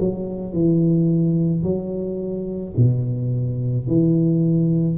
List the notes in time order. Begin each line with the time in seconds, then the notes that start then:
0.00 F#3
0.53 E3
1.63 F#3
2.76 B2
3.87 E3